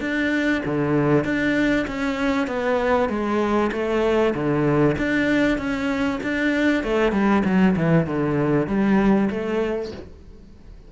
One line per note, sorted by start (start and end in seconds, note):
0.00 0.62 D4
0.65 1.24 D3
1.24 1.86 D4
1.87 2.47 C#4
2.47 3.09 B3
3.09 3.71 G#3
3.72 4.34 A3
4.34 4.96 D3
4.98 5.58 D4
5.58 6.19 C#4
6.23 6.83 D4
6.83 7.12 A3
7.12 7.43 G3
7.44 7.75 F#3
7.76 8.06 E3
8.06 8.67 D3
8.67 9.29 G3
9.30 9.91 A3